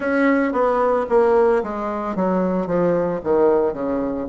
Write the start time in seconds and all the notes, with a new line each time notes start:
0.00 C#4
0.52 B3
1.09 A#3
1.63 G#3
2.15 F#3
2.66 F3
3.23 D#3
3.73 C#3